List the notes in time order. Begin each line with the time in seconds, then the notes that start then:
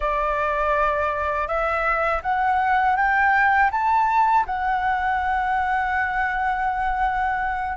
0.00 D5
1.47 E5
2.22 F#5
2.96 G5
3.71 A5
4.45 F#5